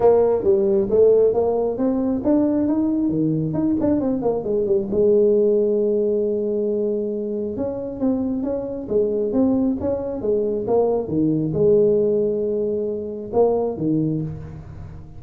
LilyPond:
\new Staff \with { instrumentName = "tuba" } { \time 4/4 \tempo 4 = 135 ais4 g4 a4 ais4 | c'4 d'4 dis'4 dis4 | dis'8 d'8 c'8 ais8 gis8 g8 gis4~ | gis1~ |
gis4 cis'4 c'4 cis'4 | gis4 c'4 cis'4 gis4 | ais4 dis4 gis2~ | gis2 ais4 dis4 | }